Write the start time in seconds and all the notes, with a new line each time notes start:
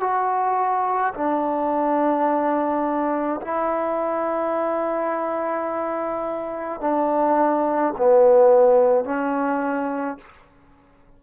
0.00 F#4
1.14 D4
3.41 E4
6.80 D4
7.97 B3
9.04 C#4